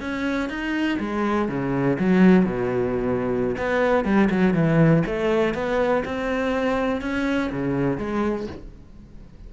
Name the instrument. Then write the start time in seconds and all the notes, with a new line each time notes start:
cello
0.00 C#4
0.49 D#4
0.99 G#3
1.48 C#3
1.99 F#3
2.45 B2
3.57 B3
4.04 G3
4.30 F#3
4.53 E3
5.06 A3
5.54 B3
6.05 C4
7.01 C#4
7.51 C#3
7.97 G#3